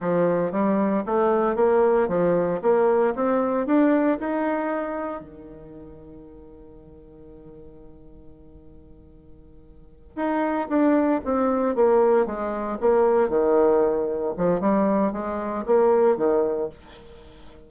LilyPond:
\new Staff \with { instrumentName = "bassoon" } { \time 4/4 \tempo 4 = 115 f4 g4 a4 ais4 | f4 ais4 c'4 d'4 | dis'2 dis2~ | dis1~ |
dis2.~ dis8 dis'8~ | dis'8 d'4 c'4 ais4 gis8~ | gis8 ais4 dis2 f8 | g4 gis4 ais4 dis4 | }